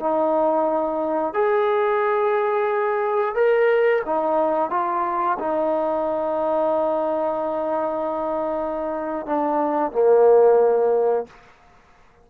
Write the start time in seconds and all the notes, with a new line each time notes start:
0.00 D#4
1.34 G#4
3.35 A#4
4.06 D#4
4.70 F4
5.39 D#4
9.26 D4
9.92 A#3